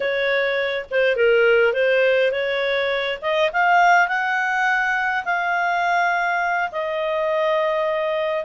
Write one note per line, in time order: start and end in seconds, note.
0.00 0.85 C#5
0.91 1.15 C5
1.15 1.73 A#4
1.73 2.31 C5
2.31 3.19 C#5
3.21 3.51 D#5
3.52 4.08 F5
4.08 5.24 F#5
5.24 6.70 F5
6.71 8.44 D#5